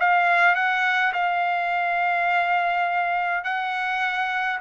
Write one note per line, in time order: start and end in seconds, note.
0.00 0.55 F5
0.55 1.13 F#5
1.14 3.44 F5
3.44 4.60 F#5